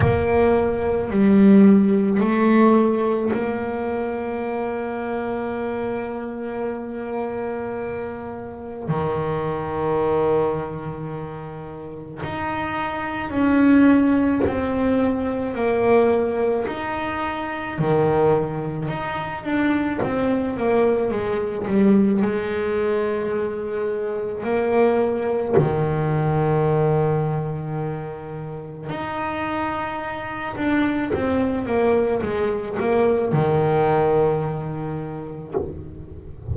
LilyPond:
\new Staff \with { instrumentName = "double bass" } { \time 4/4 \tempo 4 = 54 ais4 g4 a4 ais4~ | ais1 | dis2. dis'4 | cis'4 c'4 ais4 dis'4 |
dis4 dis'8 d'8 c'8 ais8 gis8 g8 | gis2 ais4 dis4~ | dis2 dis'4. d'8 | c'8 ais8 gis8 ais8 dis2 | }